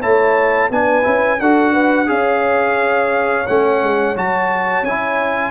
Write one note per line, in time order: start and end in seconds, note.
0.00 0.71 A3
0.00 0.71 E4
0.00 0.69 C#5
0.00 0.71 A5
0.71 1.05 B3
0.71 1.03 D4
0.71 1.40 B4
0.71 1.41 G#5
1.03 1.41 C#4
1.03 1.38 E4
1.40 2.09 D4
1.40 2.07 F#4
1.40 1.73 A4
1.40 2.09 F#5
1.73 2.07 B4
2.07 3.47 C#4
2.07 3.45 G#4
2.07 5.51 C#5
2.07 3.47 F5
3.47 3.82 A3
3.47 4.16 C#4
3.47 4.16 F#5
3.82 4.16 G#3
4.16 4.83 F#3
4.16 4.85 F#4
4.16 4.85 A5
4.83 5.51 C#4
4.83 5.51 E4
4.83 5.51 G#5